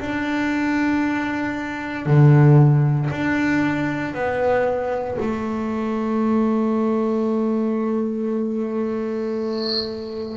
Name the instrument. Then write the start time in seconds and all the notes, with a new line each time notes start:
double bass
0.00 D4
2.06 D3
3.11 D4
4.14 B3
5.21 A3